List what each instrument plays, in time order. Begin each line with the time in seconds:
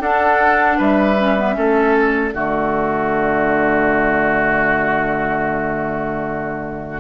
0.00 clarinet D4, bassoon D4, oboe A4, flute F#5
0.78 bassoon G3, oboe B4, flute E5
1.18 clarinet C#4
1.37 clarinet B3
1.53 bassoon A3, clarinet C#4, oboe A4
1.96 flute D5
2.34 bassoon D3, clarinet A3, oboe F#4